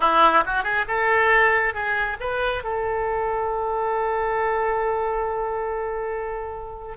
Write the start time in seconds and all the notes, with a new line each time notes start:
0.00 E4
0.46 F#4
0.63 G#4
0.87 A4
1.74 G#4
2.20 B4
2.63 A4